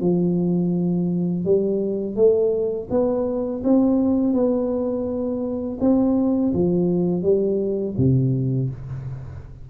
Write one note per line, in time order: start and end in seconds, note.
0.00 1.45 F3
1.45 2.16 G3
2.16 2.88 A3
2.90 3.62 B3
3.64 4.33 C4
4.33 5.78 B3
5.81 6.53 C4
6.53 7.23 F3
7.23 7.95 G3
7.97 8.70 C3